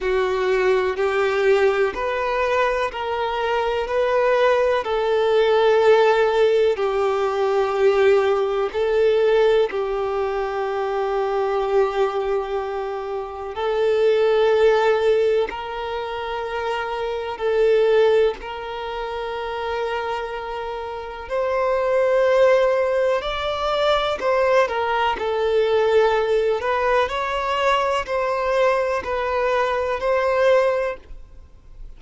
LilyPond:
\new Staff \with { instrumentName = "violin" } { \time 4/4 \tempo 4 = 62 fis'4 g'4 b'4 ais'4 | b'4 a'2 g'4~ | g'4 a'4 g'2~ | g'2 a'2 |
ais'2 a'4 ais'4~ | ais'2 c''2 | d''4 c''8 ais'8 a'4. b'8 | cis''4 c''4 b'4 c''4 | }